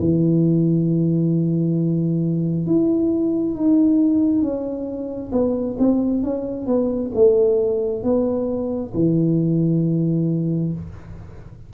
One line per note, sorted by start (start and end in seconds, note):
0.00 2.67 E3
2.67 3.56 E4
3.56 4.42 D#4
4.42 5.32 C#4
5.32 5.77 B3
5.79 6.23 C4
6.23 6.67 C#4
6.67 7.12 B3
7.14 8.04 A3
8.04 8.93 B3
8.94 10.73 E3